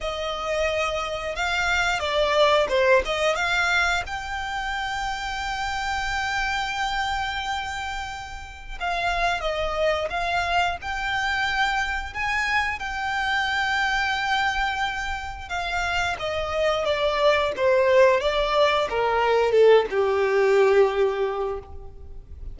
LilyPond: \new Staff \with { instrumentName = "violin" } { \time 4/4 \tempo 4 = 89 dis''2 f''4 d''4 | c''8 dis''8 f''4 g''2~ | g''1~ | g''4 f''4 dis''4 f''4 |
g''2 gis''4 g''4~ | g''2. f''4 | dis''4 d''4 c''4 d''4 | ais'4 a'8 g'2~ g'8 | }